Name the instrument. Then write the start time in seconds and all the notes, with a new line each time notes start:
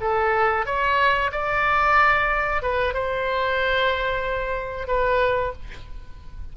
oboe
0.00 A4
0.65 C#5
1.31 D5
2.62 B4
2.93 C5
4.87 B4